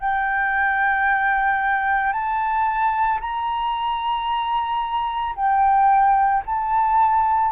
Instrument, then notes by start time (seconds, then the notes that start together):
flute
0.00 G5
2.12 A5
3.20 A#5
5.36 G5
6.45 A5